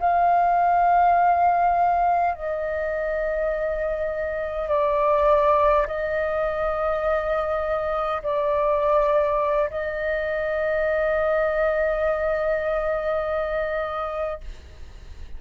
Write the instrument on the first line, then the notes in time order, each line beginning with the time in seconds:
flute
0.00 F5
2.35 D#5
4.69 D5
5.87 D#5
8.22 D5
9.70 D#5